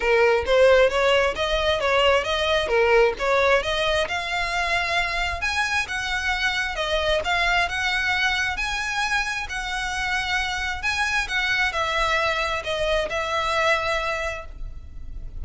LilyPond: \new Staff \with { instrumentName = "violin" } { \time 4/4 \tempo 4 = 133 ais'4 c''4 cis''4 dis''4 | cis''4 dis''4 ais'4 cis''4 | dis''4 f''2. | gis''4 fis''2 dis''4 |
f''4 fis''2 gis''4~ | gis''4 fis''2. | gis''4 fis''4 e''2 | dis''4 e''2. | }